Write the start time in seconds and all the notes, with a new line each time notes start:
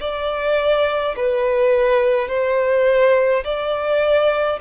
0.00 D5
1.16 B4
2.28 C5
3.44 D5